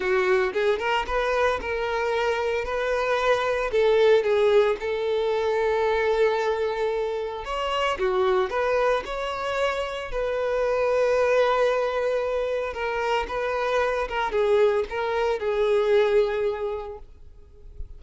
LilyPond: \new Staff \with { instrumentName = "violin" } { \time 4/4 \tempo 4 = 113 fis'4 gis'8 ais'8 b'4 ais'4~ | ais'4 b'2 a'4 | gis'4 a'2.~ | a'2 cis''4 fis'4 |
b'4 cis''2 b'4~ | b'1 | ais'4 b'4. ais'8 gis'4 | ais'4 gis'2. | }